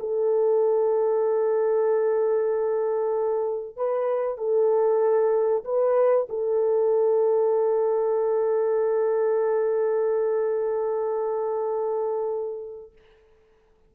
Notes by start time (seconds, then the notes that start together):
0.00 A4
3.77 B4
4.38 A4
5.65 B4
6.30 A4